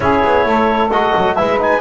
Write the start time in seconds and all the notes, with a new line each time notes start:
0.00 C#4 E4 G#4 C#5
0.23 B3
0.45 A3 A4
0.90 G#3 F#4 D#5
1.16 F#3
1.35 G#3 E4 B4 E5
1.59 D#4 G#5